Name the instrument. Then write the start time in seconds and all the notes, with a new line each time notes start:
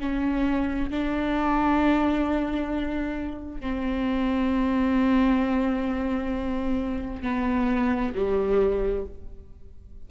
viola
0.00 C#4
0.90 D4
3.60 C4
7.22 B3
8.14 G3